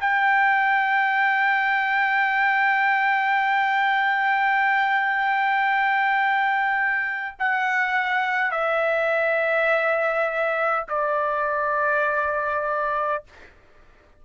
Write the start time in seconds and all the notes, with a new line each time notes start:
0.00 G5
7.39 F#5
8.51 E5
10.88 D5